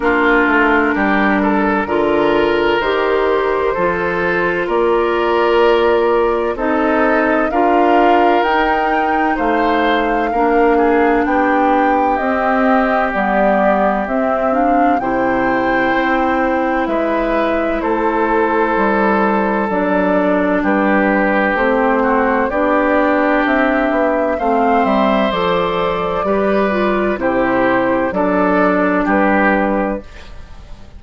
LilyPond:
<<
  \new Staff \with { instrumentName = "flute" } { \time 4/4 \tempo 4 = 64 ais'2. c''4~ | c''4 d''2 dis''4 | f''4 g''4 f''2 | g''4 dis''4 d''4 e''8 f''8 |
g''2 e''4 c''4~ | c''4 d''4 b'4 c''4 | d''4 e''4 f''8 e''8 d''4~ | d''4 c''4 d''4 b'4 | }
  \new Staff \with { instrumentName = "oboe" } { \time 4/4 f'4 g'8 a'8 ais'2 | a'4 ais'2 a'4 | ais'2 c''4 ais'8 gis'8 | g'1 |
c''2 b'4 a'4~ | a'2 g'4. fis'8 | g'2 c''2 | b'4 g'4 a'4 g'4 | }
  \new Staff \with { instrumentName = "clarinet" } { \time 4/4 d'2 f'4 g'4 | f'2. dis'4 | f'4 dis'2 d'4~ | d'4 c'4 b4 c'8 d'8 |
e'1~ | e'4 d'2 c'4 | d'2 c'4 a'4 | g'8 f'8 e'4 d'2 | }
  \new Staff \with { instrumentName = "bassoon" } { \time 4/4 ais8 a8 g4 d4 dis4 | f4 ais2 c'4 | d'4 dis'4 a4 ais4 | b4 c'4 g4 c'4 |
c4 c'4 gis4 a4 | g4 fis4 g4 a4 | b4 c'8 b8 a8 g8 f4 | g4 c4 fis4 g4 | }
>>